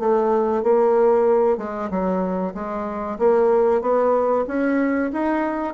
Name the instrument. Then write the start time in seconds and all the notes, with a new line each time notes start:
bassoon
0.00 A3
0.63 A#3
1.58 G#3
1.90 F#3
2.55 G#3
3.19 A#3
3.82 B3
4.48 C#4
5.13 D#4